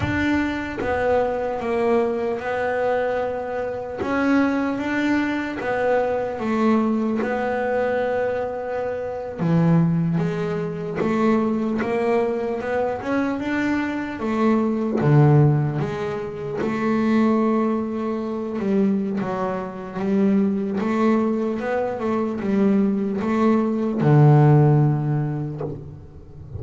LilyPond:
\new Staff \with { instrumentName = "double bass" } { \time 4/4 \tempo 4 = 75 d'4 b4 ais4 b4~ | b4 cis'4 d'4 b4 | a4 b2~ b8. e16~ | e8. gis4 a4 ais4 b16~ |
b16 cis'8 d'4 a4 d4 gis16~ | gis8. a2~ a8 g8. | fis4 g4 a4 b8 a8 | g4 a4 d2 | }